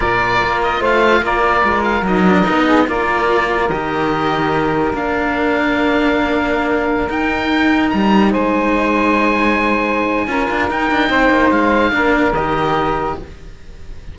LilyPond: <<
  \new Staff \with { instrumentName = "oboe" } { \time 4/4 \tempo 4 = 146 d''4. dis''8 f''4 d''4~ | d''8 f''8 dis''2 d''4~ | d''4 dis''2. | f''1~ |
f''4~ f''16 g''2 ais''8.~ | ais''16 gis''2.~ gis''8.~ | gis''2 g''2 | f''2 dis''2 | }
  \new Staff \with { instrumentName = "saxophone" } { \time 4/4 ais'2 c''4 ais'4~ | ais'2~ ais'8 gis'8 ais'4~ | ais'1~ | ais'1~ |
ais'1~ | ais'16 c''2.~ c''8.~ | c''4 ais'2 c''4~ | c''4 ais'2. | }
  \new Staff \with { instrumentName = "cello" } { \time 4/4 f'1~ | f'4 dis'8 d'8 dis'4 f'4~ | f'4 g'2. | d'1~ |
d'4~ d'16 dis'2~ dis'8.~ | dis'1~ | dis'4 f'4 dis'2~ | dis'4 d'4 g'2 | }
  \new Staff \with { instrumentName = "cello" } { \time 4/4 ais,4 ais4 a4 ais4 | gis4 fis4 b4 ais4~ | ais4 dis2. | ais1~ |
ais4~ ais16 dis'2 g8.~ | g16 gis2.~ gis8.~ | gis4 cis'8 d'8 dis'8 d'8 c'8 ais8 | gis4 ais4 dis2 | }
>>